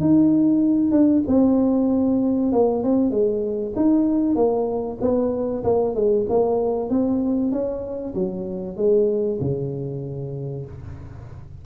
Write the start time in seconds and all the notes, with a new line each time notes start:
0.00 D#4
0.91 D4
1.27 C4
2.52 A#3
2.83 C4
3.10 G#3
3.75 D#4
4.35 A#3
5.01 B3
5.64 A#3
5.95 G#3
6.29 A#3
6.90 C4
7.51 C#4
8.14 F#3
8.76 G#3
9.40 C#3